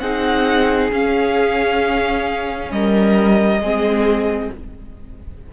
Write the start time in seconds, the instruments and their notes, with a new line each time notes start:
0.00 cello C4, viola D#4, violin G#4 F#5
0.92 viola C#4, cello C#4, violin F5
2.71 cello G3, violin A#4 D#5
3.60 cello G#3, viola C4, violin G#4